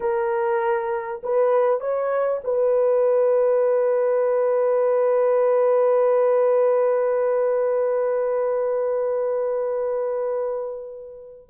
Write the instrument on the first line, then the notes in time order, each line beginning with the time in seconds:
horn
0.00 A#4
1.23 B4
1.80 C#5
2.44 B4